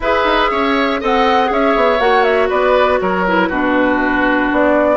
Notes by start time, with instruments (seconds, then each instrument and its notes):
0.00 bassoon E4, clarinet G#4, oboe B4, flute E5
0.24 bassoon D#4
0.50 bassoon C#4, oboe C#5
1.00 bassoon C4, clarinet A4, oboe D#5, flute F#5
1.46 bassoon C#4, clarinet G#4, oboe C#5
1.52 flute E5
1.75 bassoon B3
1.99 bassoon A#3, clarinet F#4, flute F#5
2.23 flute E5
2.49 bassoon B3, oboe B4, flute D5
3.00 bassoon F#3, oboe A#4, flute C#5
3.27 clarinet E4, flute B4
3.48 bassoon B2, clarinet D4, oboe F#4
4.51 bassoon B3, flute D5